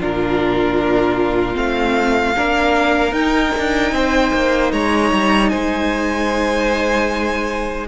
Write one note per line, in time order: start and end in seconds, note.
0.00 1.57 A#2
0.00 1.54 D4
0.00 2.37 F4
0.00 1.57 A#4
1.54 2.36 A3
1.54 2.33 C4
1.54 3.14 F5
2.37 3.12 A#3
2.37 3.12 D4
2.37 3.95 A#4
3.12 7.86 D#4
3.12 3.52 D#4
3.12 4.72 G5
3.59 3.92 D4
3.92 4.32 C4
3.92 4.73 C5
4.34 4.73 A#3
4.73 5.12 G#3
4.73 5.51 C#5
4.73 5.50 A#5
5.13 5.52 G3
5.50 7.88 G#3
5.50 7.88 C5
5.50 7.87 G#5